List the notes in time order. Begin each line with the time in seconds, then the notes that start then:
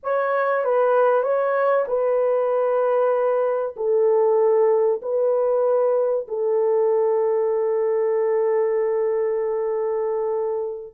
0.03 C#5
0.64 B4
1.22 C#5
1.87 B4
3.76 A4
5.02 B4
6.28 A4